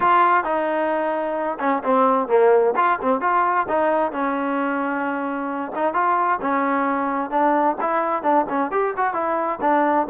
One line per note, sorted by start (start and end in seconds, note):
0.00 0.44 F4
0.44 1.58 D#4
1.59 1.82 C#4
1.83 2.28 C4
2.28 2.74 A#3
2.76 2.99 F4
3.01 3.21 C4
3.21 3.66 F4
3.68 4.11 D#4
4.11 5.72 C#4
5.75 5.93 D#4
5.93 6.39 F4
6.41 7.30 C#4
7.30 7.76 D4
7.80 8.22 E4
8.22 8.45 D4
8.49 8.71 C#4
8.71 8.94 G4
8.96 9.13 F#4
9.13 9.59 E4
9.61 10.07 D4